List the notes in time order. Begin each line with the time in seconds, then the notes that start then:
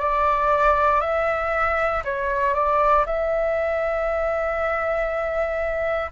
0.00 D5
1.01 E5
2.04 C#5
2.54 D5
3.06 E5